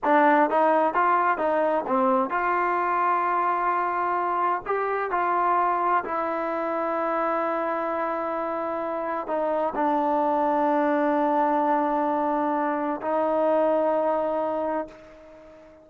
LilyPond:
\new Staff \with { instrumentName = "trombone" } { \time 4/4 \tempo 4 = 129 d'4 dis'4 f'4 dis'4 | c'4 f'2.~ | f'2 g'4 f'4~ | f'4 e'2.~ |
e'1 | dis'4 d'2.~ | d'1 | dis'1 | }